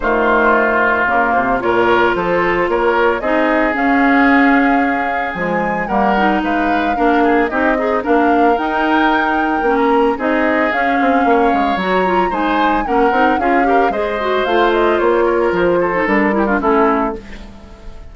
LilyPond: <<
  \new Staff \with { instrumentName = "flute" } { \time 4/4 \tempo 4 = 112 c''2 ais'8 c''8 cis''4 | c''4 cis''4 dis''4 f''4~ | f''2 gis''4 fis''4 | f''2 dis''4 f''4 |
g''2~ g''16 ais''8. dis''4 | f''2 ais''4 gis''4 | fis''4 f''4 dis''4 f''8 dis''8 | cis''4 c''4 ais'4 a'4 | }
  \new Staff \with { instrumentName = "oboe" } { \time 4/4 f'2. ais'4 | a'4 ais'4 gis'2~ | gis'2. ais'4 | b'4 ais'8 gis'8 g'8 dis'8 ais'4~ |
ais'2. gis'4~ | gis'4 cis''2 c''4 | ais'4 gis'8 ais'8 c''2~ | c''8 ais'4 a'4 g'16 f'16 e'4 | }
  \new Staff \with { instrumentName = "clarinet" } { \time 4/4 a2 ais4 f'4~ | f'2 dis'4 cis'4~ | cis'2 gis4 ais8 dis'8~ | dis'4 d'4 dis'8 gis'8 d'4 |
dis'2 cis'4 dis'4 | cis'2 fis'8 f'8 dis'4 | cis'8 dis'8 f'8 g'8 gis'8 fis'8 f'4~ | f'4.~ f'16 dis'16 d'8 e'16 d'16 cis'4 | }
  \new Staff \with { instrumentName = "bassoon" } { \time 4/4 dis2 cis8 c8 ais,4 | f4 ais4 c'4 cis'4~ | cis'2 f4 g4 | gis4 ais4 c'4 ais4 |
dis'2 ais4 c'4 | cis'8 c'8 ais8 gis8 fis4 gis4 | ais8 c'8 cis'4 gis4 a4 | ais4 f4 g4 a4 | }
>>